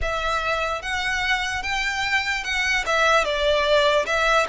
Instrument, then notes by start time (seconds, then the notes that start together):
violin
0.01 E5
0.82 F#5
1.63 G5
2.43 F#5
2.86 E5
3.24 D5
4.05 E5